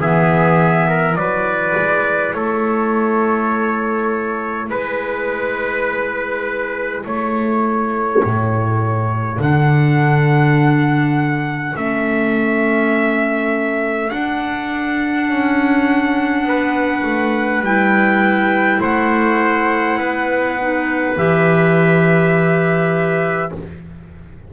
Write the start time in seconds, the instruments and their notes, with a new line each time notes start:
0.00 double bass E3, clarinet B3, trumpet G#4 E5
0.89 trumpet A#4
1.16 double bass F#3, clarinet E4, trumpet B4 D5
1.77 double bass G#3
2.34 double bass A3, trumpet A4 C#5
4.70 double bass G#3, trumpet B4
7.04 double bass A3, trumpet A4 C#5
8.24 double bass A2
9.39 double bass D3, clarinet D4, trumpet F#5
11.76 double bass A3, clarinet C#4, trumpet E5
14.11 clarinet D4, double bass D4, trumpet F#5
15.29 double bass C#4
16.44 double bass B3, trumpet B4
17.04 double bass A3
17.62 double bass G3, clarinet E4, trumpet G5
18.81 double bass A3, trumpet C5 F#5
19.99 double bass B3, trumpet B4
20.60 clarinet D#4
21.17 double bass E3, clarinet G4, trumpet E5